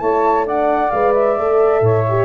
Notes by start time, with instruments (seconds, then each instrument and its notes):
0.00 tuba A3, horn E4, saxophone C#5, flute A5
0.46 horn D4, saxophone D5, flute F#5
0.91 tuba G#3, horn B4, flute F5
1.14 flute E5
1.38 tuba A3, horn A4
1.81 tuba A2, saxophone C#5
2.09 horn G4